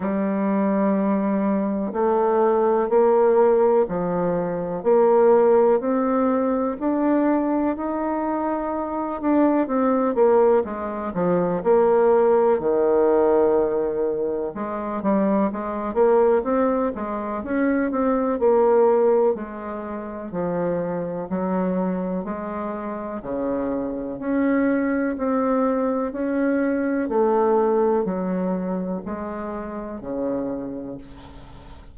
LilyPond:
\new Staff \with { instrumentName = "bassoon" } { \time 4/4 \tempo 4 = 62 g2 a4 ais4 | f4 ais4 c'4 d'4 | dis'4. d'8 c'8 ais8 gis8 f8 | ais4 dis2 gis8 g8 |
gis8 ais8 c'8 gis8 cis'8 c'8 ais4 | gis4 f4 fis4 gis4 | cis4 cis'4 c'4 cis'4 | a4 fis4 gis4 cis4 | }